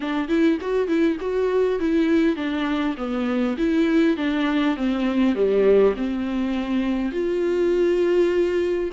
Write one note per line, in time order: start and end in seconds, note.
0.00 0.28 D4
0.28 0.58 E4
0.61 0.87 F#4
0.87 1.17 E4
1.20 1.79 F#4
1.79 2.36 E4
2.36 2.95 D4
2.97 3.56 B3
3.57 4.16 E4
4.16 4.76 D4
4.76 5.35 C4
5.35 5.94 G3
5.96 7.12 C4
7.12 8.90 F4